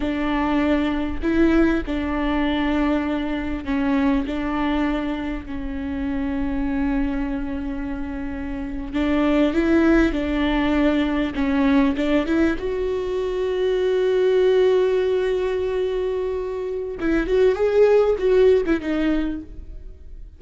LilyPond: \new Staff \with { instrumentName = "viola" } { \time 4/4 \tempo 4 = 99 d'2 e'4 d'4~ | d'2 cis'4 d'4~ | d'4 cis'2.~ | cis'2~ cis'8. d'4 e'16~ |
e'8. d'2 cis'4 d'16~ | d'16 e'8 fis'2.~ fis'16~ | fis'1 | e'8 fis'8 gis'4 fis'8. e'16 dis'4 | }